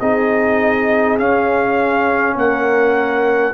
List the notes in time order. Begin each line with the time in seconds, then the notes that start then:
0.00 C4 D#4 G#4 D#5
1.19 C#4 F5
2.35 A#3 A#4 F#5